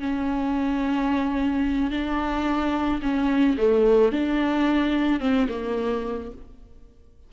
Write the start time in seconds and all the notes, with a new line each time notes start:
0.00 C#4
1.91 D4
3.02 C#4
3.58 A3
4.12 D4
5.20 C4
5.49 A#3